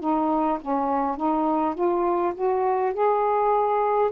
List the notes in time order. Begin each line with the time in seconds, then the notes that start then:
0.00 D#4
0.61 C#4
1.17 D#4
1.75 F4
2.35 F#4
2.94 G#4